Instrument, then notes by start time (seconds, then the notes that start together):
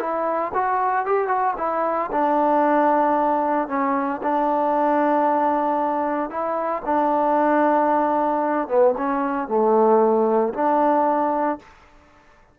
trombone
0.00 E4
0.54 F#4
1.06 G4
1.28 F#4
1.58 E4
2.12 D4
3.69 C#4
4.23 D4
6.30 E4
6.86 D4
8.68 B3
8.98 C#4
9.49 A3
10.54 D4